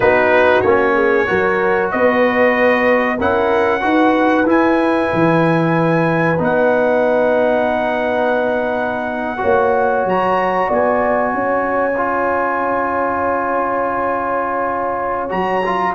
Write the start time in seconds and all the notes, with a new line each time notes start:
0.00 B3 D#4 F#4 B4
0.60 A#3 C#4 C#5
0.94 G#4
1.26 F#3 F#4 A#4
1.91 B3 B4 D#5
3.17 C#4 E4 A#4 F#5
3.81 D#4 F#4 B4
4.45 E4 G#5
5.13 E3
6.39 B3 D#4 F#5
9.37 F#4 C#5
9.43 A#3
10.05 F#3 A#5
10.68 B3 D5 G#5
11.34 C#4 C#5
11.97 F4
15.29 F#3 F#4 A#5
15.65 F4